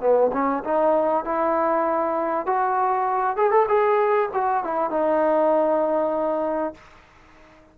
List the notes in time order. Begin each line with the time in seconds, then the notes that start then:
0.00 B3
0.32 C#4
0.64 D#4
1.24 E4
2.46 F#4
3.36 G#4
3.51 A4
3.68 G#4
4.33 F#4
4.63 E4
4.90 D#4